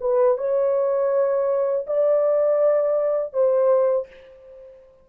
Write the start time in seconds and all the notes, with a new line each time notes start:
0.00 B4
0.37 C#5
1.86 D5
3.33 C5